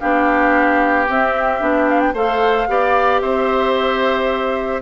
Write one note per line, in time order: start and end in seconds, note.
0.00 1.09 B3
0.00 1.08 D4
0.00 2.14 G4
0.00 1.07 F5
1.08 1.60 C4
1.08 1.61 C4
1.08 1.89 E5
1.60 2.14 B3
1.60 2.14 D4
1.89 2.00 F5
2.00 2.14 G5
2.14 2.67 A3
2.14 2.68 A4
2.14 2.68 C5
2.14 3.21 F5
2.68 3.22 B3
2.68 4.82 G4
2.68 3.22 D5
3.21 4.82 C4
3.21 4.82 C5
3.21 4.82 E5